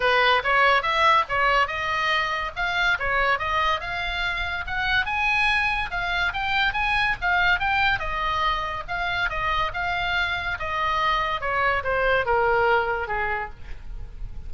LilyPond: \new Staff \with { instrumentName = "oboe" } { \time 4/4 \tempo 4 = 142 b'4 cis''4 e''4 cis''4 | dis''2 f''4 cis''4 | dis''4 f''2 fis''4 | gis''2 f''4 g''4 |
gis''4 f''4 g''4 dis''4~ | dis''4 f''4 dis''4 f''4~ | f''4 dis''2 cis''4 | c''4 ais'2 gis'4 | }